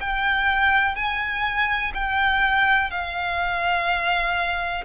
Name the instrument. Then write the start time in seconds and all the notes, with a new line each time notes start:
violin
0.00 G5
0.95 G#5
1.94 G5
2.90 F5